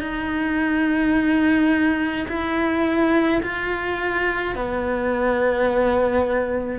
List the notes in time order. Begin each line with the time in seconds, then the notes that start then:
0.00 D#4
2.28 E4
3.43 F4
4.55 B3